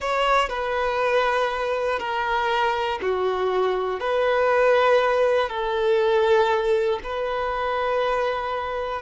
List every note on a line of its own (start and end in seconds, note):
0.00 0.49 C#5
0.49 1.99 B4
1.99 2.99 A#4
3.01 4.00 F#4
4.00 5.49 B4
5.49 6.99 A4
7.03 9.01 B4